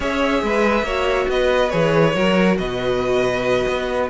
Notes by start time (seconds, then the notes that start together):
0.00 C#4 G#4 C#5 E5
0.42 G#3 B4
0.82 A#3 F#4 C#5
1.28 B3 B4 D#5
1.70 E3 G#4 C#5
2.14 F#3 F#4 A#4
2.58 B2 B4 D#5
3.67 B3